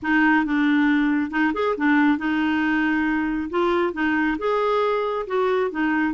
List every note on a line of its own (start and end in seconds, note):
0.02 0.45 D#4
0.45 1.30 D4
1.30 1.52 D#4
1.53 1.75 G#4
1.77 2.18 D4
2.18 3.49 D#4
3.50 3.93 F4
3.93 4.37 D#4
4.38 5.26 G#4
5.27 5.70 F#4
5.71 6.13 D#4